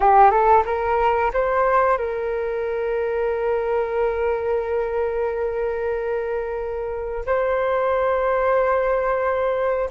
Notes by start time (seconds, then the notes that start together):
0.00 G4
0.30 A4
0.65 A#4
1.33 C5
1.98 A#4
7.26 C5